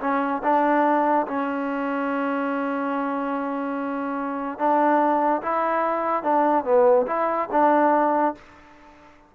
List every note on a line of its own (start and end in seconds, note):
0.00 0.42 C#4
0.43 1.26 D4
1.27 4.58 C#4
4.58 5.41 D4
5.41 6.23 E4
6.23 6.64 D4
6.64 7.06 B3
7.07 7.48 E4
7.51 8.34 D4